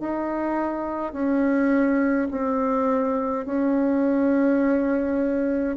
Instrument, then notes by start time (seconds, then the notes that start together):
bassoon
0.00 D#4
1.13 C#4
2.31 C4
3.46 C#4